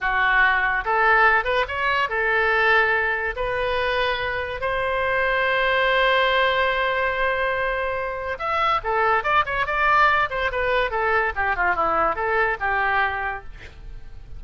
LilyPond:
\new Staff \with { instrumentName = "oboe" } { \time 4/4 \tempo 4 = 143 fis'2 a'4. b'8 | cis''4 a'2. | b'2. c''4~ | c''1~ |
c''1 | e''4 a'4 d''8 cis''8 d''4~ | d''8 c''8 b'4 a'4 g'8 f'8 | e'4 a'4 g'2 | }